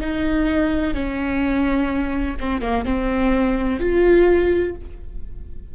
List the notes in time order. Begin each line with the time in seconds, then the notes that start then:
0.00 D#4
0.94 C#4
2.40 C4
2.61 A#3
2.84 C4
3.80 F4